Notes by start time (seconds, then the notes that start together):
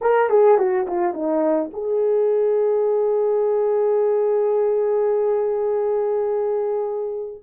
0.01 A#4
0.29 G#4
0.57 F#4
0.87 F4
1.13 D#4
1.73 G#4